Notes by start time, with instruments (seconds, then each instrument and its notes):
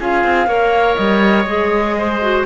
0.00 cello C#4, clarinet F4, oboe G#4, flute F5
0.24 cello C4
0.47 cello A#3, clarinet A#4, oboe C#5
0.96 cello G3, flute D#5
1.45 cello G#3, clarinet G#4
1.99 oboe C5
2.21 clarinet F#4